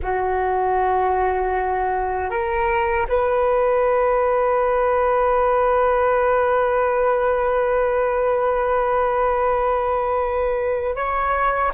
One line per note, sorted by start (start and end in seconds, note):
0.02 2.29 F#4
2.29 3.06 A#4
3.08 10.95 B4
10.95 11.72 C#5